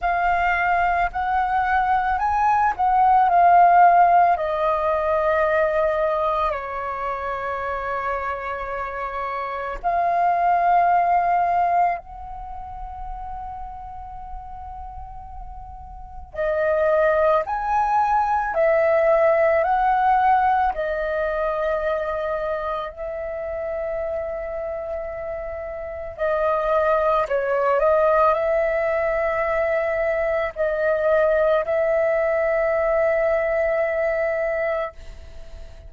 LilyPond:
\new Staff \with { instrumentName = "flute" } { \time 4/4 \tempo 4 = 55 f''4 fis''4 gis''8 fis''8 f''4 | dis''2 cis''2~ | cis''4 f''2 fis''4~ | fis''2. dis''4 |
gis''4 e''4 fis''4 dis''4~ | dis''4 e''2. | dis''4 cis''8 dis''8 e''2 | dis''4 e''2. | }